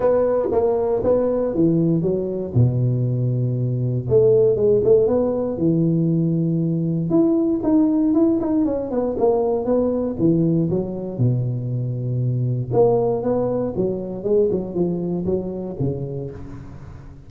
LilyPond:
\new Staff \with { instrumentName = "tuba" } { \time 4/4 \tempo 4 = 118 b4 ais4 b4 e4 | fis4 b,2. | a4 gis8 a8 b4 e4~ | e2 e'4 dis'4 |
e'8 dis'8 cis'8 b8 ais4 b4 | e4 fis4 b,2~ | b,4 ais4 b4 fis4 | gis8 fis8 f4 fis4 cis4 | }